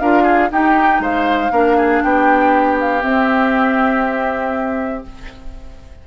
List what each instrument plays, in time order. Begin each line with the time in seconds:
0.00 bassoon D4, clarinet F4, oboe A#4, flute F5
0.24 oboe G#4
0.50 clarinet D#4, bassoon D#4, oboe G4, flute G5
1.00 bassoon G#3, oboe C5, flute F5
1.52 bassoon A#3, clarinet D4, oboe A#4
1.77 oboe G#4
2.03 bassoon B3, oboe G4, flute G5
2.81 flute F5
3.01 clarinet C4, bassoon C4, flute E5